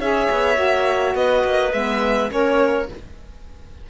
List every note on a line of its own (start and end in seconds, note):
0.00 0.29 C#4
0.00 0.55 G#4
0.00 1.16 C#5
0.00 1.16 E5
0.31 0.58 B3
0.55 1.15 A#3
0.55 1.70 F#4
1.15 1.44 B3
1.15 2.32 B4
1.15 1.73 D#5
1.44 1.73 A#3
1.73 2.31 G#3
1.73 2.30 B3
1.73 2.31 E5
2.30 2.89 A#3
2.30 2.87 C#4
2.30 2.90 A#4
2.30 2.90 C#5